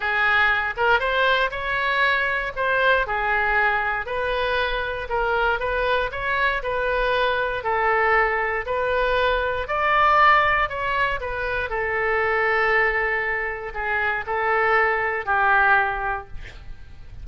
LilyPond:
\new Staff \with { instrumentName = "oboe" } { \time 4/4 \tempo 4 = 118 gis'4. ais'8 c''4 cis''4~ | cis''4 c''4 gis'2 | b'2 ais'4 b'4 | cis''4 b'2 a'4~ |
a'4 b'2 d''4~ | d''4 cis''4 b'4 a'4~ | a'2. gis'4 | a'2 g'2 | }